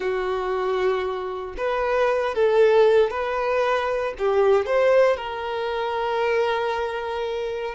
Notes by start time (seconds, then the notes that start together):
0.00 F#4
1.57 B4
2.34 A4
3.10 B4
4.18 G4
4.66 C5
5.16 A#4